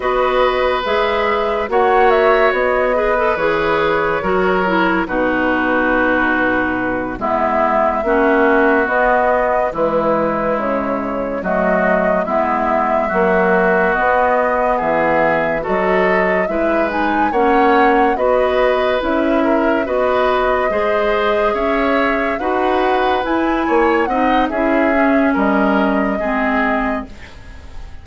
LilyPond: <<
  \new Staff \with { instrumentName = "flute" } { \time 4/4 \tempo 4 = 71 dis''4 e''4 fis''8 e''8 dis''4 | cis''2 b'2~ | b'8 e''2 dis''4 b'8~ | b'8 cis''4 dis''4 e''4.~ |
e''8 dis''4 e''4 dis''4 e''8 | gis''8 fis''4 dis''4 e''4 dis''8~ | dis''4. e''4 fis''4 gis''8~ | gis''8 fis''8 e''4 dis''2 | }
  \new Staff \with { instrumentName = "oboe" } { \time 4/4 b'2 cis''4. b'8~ | b'4 ais'4 fis'2~ | fis'8 e'4 fis'2 e'8~ | e'4. fis'4 e'4 fis'8~ |
fis'4. gis'4 a'4 b'8~ | b'8 cis''4 b'4. ais'8 b'8~ | b'8 c''4 cis''4 b'4. | cis''8 dis''8 gis'4 ais'4 gis'4 | }
  \new Staff \with { instrumentName = "clarinet" } { \time 4/4 fis'4 gis'4 fis'4. gis'16 a'16 | gis'4 fis'8 e'8 dis'2~ | dis'8 b4 cis'4 b4 gis8~ | gis4. a4 b4 fis8~ |
fis8 b2 fis'4 e'8 | dis'8 cis'4 fis'4 e'4 fis'8~ | fis'8 gis'2 fis'4 e'8~ | e'8 dis'8 e'8 cis'4. c'4 | }
  \new Staff \with { instrumentName = "bassoon" } { \time 4/4 b4 gis4 ais4 b4 | e4 fis4 b,2~ | b,8 gis4 ais4 b4 e8~ | e8 cis4 fis4 gis4 ais8~ |
ais8 b4 e4 fis4 gis8~ | gis8 ais4 b4 cis'4 b8~ | b8 gis4 cis'4 dis'4 e'8 | ais8 c'8 cis'4 g4 gis4 | }
>>